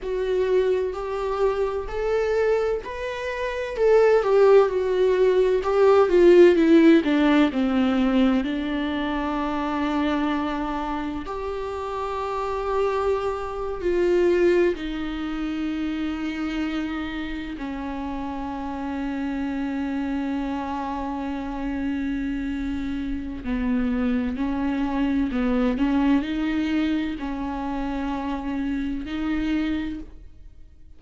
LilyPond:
\new Staff \with { instrumentName = "viola" } { \time 4/4 \tempo 4 = 64 fis'4 g'4 a'4 b'4 | a'8 g'8 fis'4 g'8 f'8 e'8 d'8 | c'4 d'2. | g'2~ g'8. f'4 dis'16~ |
dis'2~ dis'8. cis'4~ cis'16~ | cis'1~ | cis'4 b4 cis'4 b8 cis'8 | dis'4 cis'2 dis'4 | }